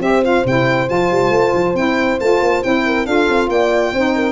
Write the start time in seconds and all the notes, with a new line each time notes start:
0.00 C4 G4 C5 E5
0.23 F4 F5
0.45 C3 E4 G5
0.88 F3 F4 A5
1.11 G3
1.31 A3
1.55 F3
1.74 C4 E4 G5
2.20 A3 F4 A5
2.41 A#3
2.63 C4 E4 G5
2.86 A#4
3.06 D4 F4 A4 F5
3.29 C4
3.49 A#3 D5 G5
3.93 C4 D#4 C5
4.16 A#4